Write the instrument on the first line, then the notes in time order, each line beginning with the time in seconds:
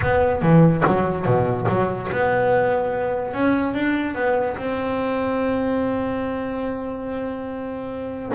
double bass
0.02 B3
0.42 E3
0.86 F#3
1.25 B2
1.68 F#3
2.11 B3
3.33 C#4
3.74 D4
4.14 B3
4.56 C4